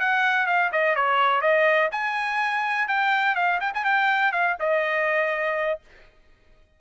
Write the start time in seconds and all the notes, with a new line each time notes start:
0.00 F#5
0.47 F5
0.72 D#5
0.96 C#5
1.42 D#5
1.92 G#5
2.88 G5
3.36 F5
3.61 G5
3.74 G#5
3.85 G5
4.32 F5
4.60 D#5